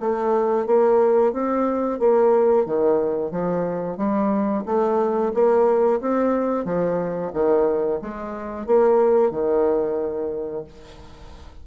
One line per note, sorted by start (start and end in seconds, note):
0.00 0.66 A3
0.66 1.33 A#3
1.33 1.99 C4
1.99 2.65 A#3
2.65 3.31 D#3
3.31 3.97 F3
3.97 4.64 G3
4.65 5.32 A3
5.34 6.00 A#3
6.01 6.65 C4
6.65 7.31 F3
7.33 8.00 D#3
8.01 8.66 G#3
8.66 9.31 A#3
9.31 10.64 D#3